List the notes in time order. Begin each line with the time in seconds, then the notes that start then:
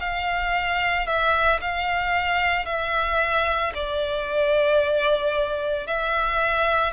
0.00 F5
1.06 E5
1.61 F5
2.66 E5
3.75 D5
5.87 E5